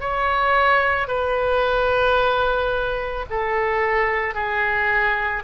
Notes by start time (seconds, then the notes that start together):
0.00 C#5
1.07 B4
3.30 A4
4.34 G#4